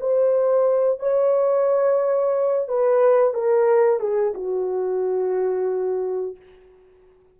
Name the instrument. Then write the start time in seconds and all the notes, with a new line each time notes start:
horn
0.00 C5
0.99 C#5
2.68 B4
3.33 A#4
3.99 G#4
4.34 F#4